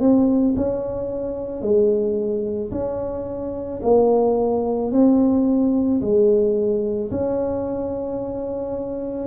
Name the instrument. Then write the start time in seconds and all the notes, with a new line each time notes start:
tuba
0.00 C4
0.56 C#4
1.62 G#3
2.71 C#4
3.82 A#3
4.91 C4
6.01 G#3
7.11 C#4